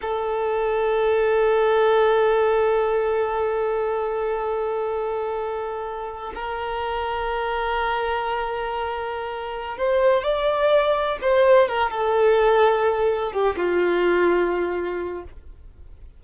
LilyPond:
\new Staff \with { instrumentName = "violin" } { \time 4/4 \tempo 4 = 126 a'1~ | a'1~ | a'1~ | a'4~ a'16 ais'2~ ais'8.~ |
ais'1~ | ais'8 c''4 d''2 c''8~ | c''8 ais'8 a'2. | g'8 f'2.~ f'8 | }